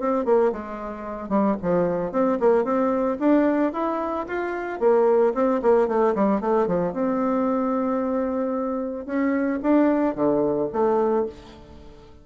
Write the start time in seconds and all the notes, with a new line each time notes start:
0.00 C4
0.25 A#3
0.52 G#3
1.29 G3
1.62 F3
2.12 C4
2.40 A#3
2.64 C4
3.19 D4
3.73 E4
4.27 F4
4.80 A#3
5.34 C4
5.62 A#3
5.88 A3
6.15 G3
6.41 A3
6.67 F3
6.93 C4
9.06 C#4
9.63 D4
10.15 D3
10.73 A3